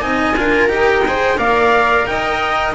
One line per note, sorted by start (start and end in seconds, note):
0.00 0.36 C4
0.00 0.34 D#4
0.00 0.36 D#5
0.00 0.68 G#5
0.36 0.68 D4
0.36 0.68 F4
0.36 1.07 A#4
0.68 1.36 D#4
0.68 1.03 G4
0.74 1.38 G5
1.07 1.37 G#4
1.07 1.37 C5
1.37 2.06 A#3
1.37 2.73 A#4
1.37 2.05 D5
1.37 2.07 F5
2.07 2.74 D#4
2.07 2.74 D#5
2.07 2.74 G5